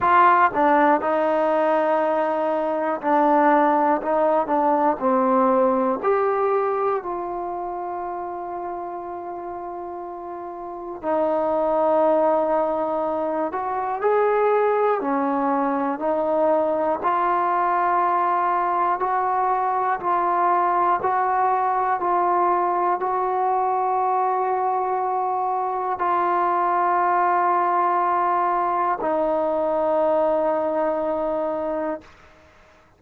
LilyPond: \new Staff \with { instrumentName = "trombone" } { \time 4/4 \tempo 4 = 60 f'8 d'8 dis'2 d'4 | dis'8 d'8 c'4 g'4 f'4~ | f'2. dis'4~ | dis'4. fis'8 gis'4 cis'4 |
dis'4 f'2 fis'4 | f'4 fis'4 f'4 fis'4~ | fis'2 f'2~ | f'4 dis'2. | }